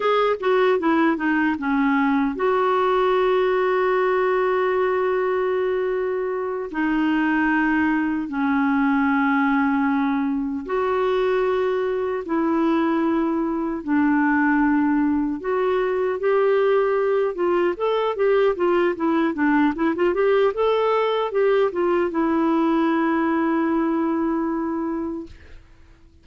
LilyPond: \new Staff \with { instrumentName = "clarinet" } { \time 4/4 \tempo 4 = 76 gis'8 fis'8 e'8 dis'8 cis'4 fis'4~ | fis'1~ | fis'8 dis'2 cis'4.~ | cis'4. fis'2 e'8~ |
e'4. d'2 fis'8~ | fis'8 g'4. f'8 a'8 g'8 f'8 | e'8 d'8 e'16 f'16 g'8 a'4 g'8 f'8 | e'1 | }